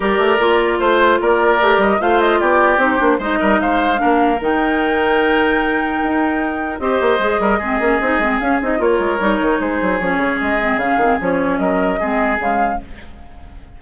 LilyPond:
<<
  \new Staff \with { instrumentName = "flute" } { \time 4/4 \tempo 4 = 150 d''2 c''4 d''4~ | d''8 dis''8 f''8 dis''8 d''4 c''4 | dis''4 f''2 g''4~ | g''1~ |
g''4 dis''2.~ | dis''4 f''8 dis''8 cis''2 | c''4 cis''4 dis''4 f''4 | cis''4 dis''2 f''4 | }
  \new Staff \with { instrumentName = "oboe" } { \time 4/4 ais'2 c''4 ais'4~ | ais'4 c''4 g'2 | c''8 ais'8 c''4 ais'2~ | ais'1~ |
ais'4 c''4. ais'8 gis'4~ | gis'2 ais'2 | gis'1~ | gis'4 ais'4 gis'2 | }
  \new Staff \with { instrumentName = "clarinet" } { \time 4/4 g'4 f'2. | g'4 f'2 dis'8 d'8 | dis'2 d'4 dis'4~ | dis'1~ |
dis'4 g'4 gis'4 c'8 cis'8 | dis'8 c'8 cis'8 dis'8 f'4 dis'4~ | dis'4 cis'4. c'8 cis'8 c'8 | cis'2 c'4 gis4 | }
  \new Staff \with { instrumentName = "bassoon" } { \time 4/4 g8 a8 ais4 a4 ais4 | a8 g8 a4 b4 c'8 ais8 | gis8 g8 gis4 ais4 dis4~ | dis2. dis'4~ |
dis'4 c'8 ais8 gis8 g8 gis8 ais8 | c'8 gis8 cis'8 c'8 ais8 gis8 g8 dis8 | gis8 fis8 f8 cis8 gis4 cis8 dis8 | f4 fis4 gis4 cis4 | }
>>